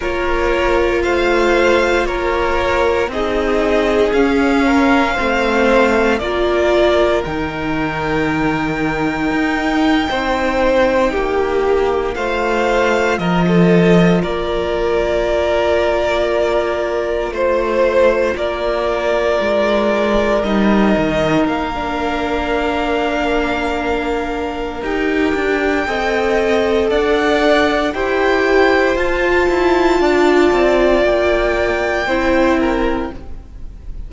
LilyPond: <<
  \new Staff \with { instrumentName = "violin" } { \time 4/4 \tempo 4 = 58 cis''4 f''4 cis''4 dis''4 | f''2 d''4 g''4~ | g''2.~ g''8. f''16~ | f''8. dis''4 d''2~ d''16~ |
d''8. c''4 d''2 dis''16~ | dis''8. f''2.~ f''16 | g''2 fis''4 g''4 | a''2 g''2 | }
  \new Staff \with { instrumentName = "violin" } { \time 4/4 ais'4 c''4 ais'4 gis'4~ | gis'8 ais'8 c''4 ais'2~ | ais'4.~ ais'16 c''4 g'4 c''16~ | c''8. ais'16 a'8. ais'2~ ais'16~ |
ais'8. c''4 ais'2~ ais'16~ | ais'1~ | ais'4 dis''4 d''4 c''4~ | c''4 d''2 c''8 ais'8 | }
  \new Staff \with { instrumentName = "viola" } { \time 4/4 f'2. dis'4 | cis'4 c'4 f'4 dis'4~ | dis'2.~ dis'8. f'16~ | f'1~ |
f'2.~ f'8. dis'16~ | dis'4 d'2. | g'4 a'2 g'4 | f'2. e'4 | }
  \new Staff \with { instrumentName = "cello" } { \time 4/4 ais4 a4 ais4 c'4 | cis'4 a4 ais4 dis4~ | dis4 dis'8. c'4 ais4 a16~ | a8. f4 ais2~ ais16~ |
ais8. a4 ais4 gis4 g16~ | g16 dis8 ais2.~ ais16 | dis'8 d'8 c'4 d'4 e'4 | f'8 e'8 d'8 c'8 ais4 c'4 | }
>>